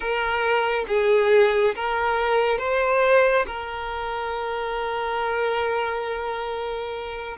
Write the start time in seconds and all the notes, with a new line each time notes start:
0.00 A#4
0.87 G#4
1.75 A#4
2.58 C5
3.46 A#4